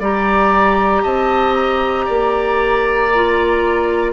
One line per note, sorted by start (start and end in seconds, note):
0.00 1.03 G3
0.00 3.12 G4
0.00 1.03 D5
0.00 1.04 A#5
1.03 2.08 C4
1.03 2.05 D#5
1.03 1.54 A5
1.54 4.13 A#5
2.05 4.13 A#3
2.05 4.12 D5
3.15 4.13 F4